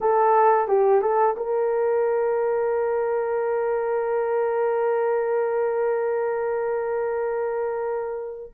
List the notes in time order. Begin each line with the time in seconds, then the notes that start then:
0.01 A4
0.68 G4
1.01 A4
1.36 A#4